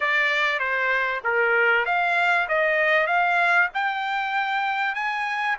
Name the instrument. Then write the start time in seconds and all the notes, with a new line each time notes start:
trumpet
0.00 D5
0.59 C5
1.23 A#4
1.85 F5
2.48 D#5
3.06 F5
3.74 G5
4.95 G#5